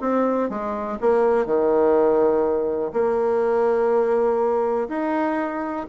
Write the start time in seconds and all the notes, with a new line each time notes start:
0.00 C4
0.49 G#3
1.00 A#3
1.45 D#3
2.93 A#3
4.88 D#4